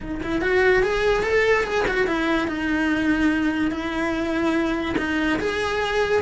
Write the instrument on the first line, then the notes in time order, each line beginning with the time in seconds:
cello
0.00 D#4
0.23 E4
0.41 F#4
0.82 G#4
1.23 A4
1.64 G#4
1.87 F#4
2.07 E4
2.47 D#4
3.71 E4
4.97 D#4
5.39 G#4